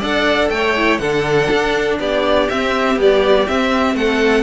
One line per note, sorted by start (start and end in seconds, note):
0.00 0.50 D4
0.00 0.76 A4
0.00 0.49 D5
0.00 0.50 F#5
0.50 0.99 A3
0.50 1.01 C#5
0.50 0.99 G5
0.77 1.01 E4
0.99 1.49 D3
0.99 2.50 D4
0.99 1.99 A4
0.99 1.97 F#5
1.51 2.00 D4
2.00 2.49 B3
2.00 3.96 G4
2.00 2.50 D5
2.50 2.99 C4
2.50 2.97 C4
2.50 2.99 E5
2.97 3.48 G3
2.97 3.46 B3
2.97 3.49 D5
3.48 4.44 C4
3.48 3.95 C4
3.48 3.96 E5
3.95 4.44 A3
3.95 4.44 A4
3.95 4.44 F#5